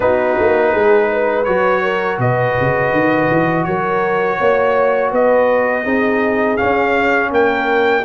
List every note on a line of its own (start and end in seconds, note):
0.00 0.36 B3
0.00 1.45 D#4
0.00 0.71 F#4
0.00 1.44 B4
0.39 0.74 A#3
0.71 1.47 G#3
0.71 1.08 G#4
1.10 1.82 B4
1.44 2.18 F#3
1.44 5.84 F#4
1.44 2.17 C#5
1.82 2.19 A#4
2.18 2.54 B2
2.18 3.65 B4
2.18 3.64 D#5
2.60 2.93 C#3
2.93 3.29 D#3
3.30 3.66 E3
3.64 4.39 F#3
3.64 4.37 A#4
3.64 5.10 C#5
4.37 5.12 A#3
4.37 5.10 C#5
5.10 5.85 B3
5.10 5.83 B4
5.10 6.57 D#5
5.83 6.58 C4
5.83 6.57 D#4
5.83 7.29 G#4
6.57 8.03 C#4
6.57 7.30 C#4
6.57 7.30 F5
7.30 8.04 A#3
7.30 8.03 A#4
7.30 8.04 G5